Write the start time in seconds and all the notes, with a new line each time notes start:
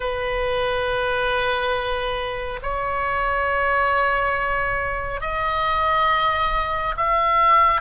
0.00 B4
2.62 C#5
5.20 D#5
6.96 E5